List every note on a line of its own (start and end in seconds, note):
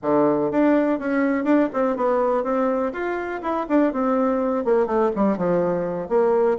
0.02 0.51 D3
0.51 0.99 D4
0.99 1.44 C#4
1.44 1.68 D4
1.73 1.96 C4
1.96 2.43 B3
2.43 2.92 C4
2.92 3.41 F4
3.42 3.66 E4
3.69 3.92 D4
3.92 4.65 C4
4.65 4.86 A#3
4.86 5.11 A3
5.15 5.37 G3
5.37 6.08 F3
6.08 6.57 A#3